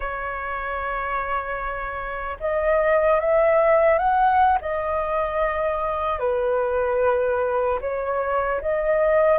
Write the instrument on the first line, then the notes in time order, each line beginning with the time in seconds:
flute
0.00 C#5
2.40 D#5
3.20 E5
3.98 F#5
4.61 D#5
6.19 B4
7.80 C#5
8.61 D#5